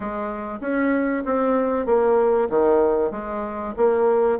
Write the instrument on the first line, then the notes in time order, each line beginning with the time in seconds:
bassoon
0.00 G#3
0.61 C#4
1.25 C4
1.86 A#3
2.49 D#3
3.11 G#3
3.76 A#3